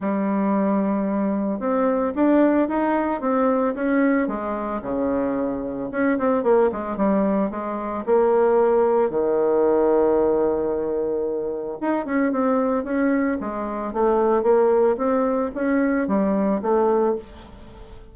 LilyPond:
\new Staff \with { instrumentName = "bassoon" } { \time 4/4 \tempo 4 = 112 g2. c'4 | d'4 dis'4 c'4 cis'4 | gis4 cis2 cis'8 c'8 | ais8 gis8 g4 gis4 ais4~ |
ais4 dis2.~ | dis2 dis'8 cis'8 c'4 | cis'4 gis4 a4 ais4 | c'4 cis'4 g4 a4 | }